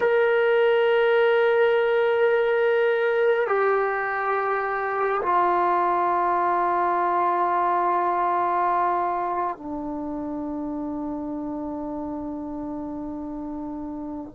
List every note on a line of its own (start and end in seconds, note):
0.00 3.47 A#4
3.47 5.21 G4
5.22 9.57 F4
9.57 14.34 D4